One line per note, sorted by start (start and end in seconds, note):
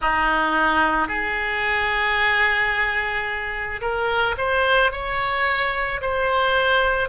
0.00 1.08 D#4
1.08 3.80 G#4
3.81 4.35 A#4
4.37 4.91 C5
4.91 6.00 C#5
6.00 7.09 C5